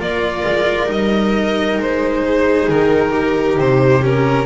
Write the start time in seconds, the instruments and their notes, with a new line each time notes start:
0.00 double bass A#3, cello F4, viola A#4, violin D5
0.46 double bass G#3
0.87 double bass G3, cello D#4, violin D#5
1.78 double bass G#3, violin C5
2.25 viola G#4
2.69 double bass D#3, violin A#4
3.12 viola G4
3.58 double bass C3, violin C5
4.02 cello C#4, violin A#4